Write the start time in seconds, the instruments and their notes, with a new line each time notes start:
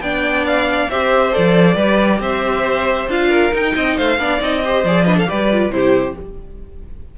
0.00 cello B3, viola D4, violin D5 G5
0.46 violin F5
0.90 cello C4, viola G4, violin C5 E5
1.32 cello F3, viola A4, violin D5
1.74 cello G3, viola G4, violin B4
2.19 cello C4, violin C5 E5
3.07 cello D4, viola F4, violin F5
3.29 violin A#4
3.51 viola D#4, cello D#4, violin G5
3.75 cello C4, violin D#5
3.97 cello A3, violin C5 F5
4.18 cello B3, viola D4, violin D5
4.40 cello C4, viola D#4, violin D#5
4.64 viola G4, violin C5
4.83 cello F3, viola G#4, violin D5
5.05 viola D4, violin B4 D#5
5.17 violin A4 F5
5.26 cello G3, viola G4, violin B4 D5
5.52 viola F4
5.69 cello C3, viola E4, violin G4 C5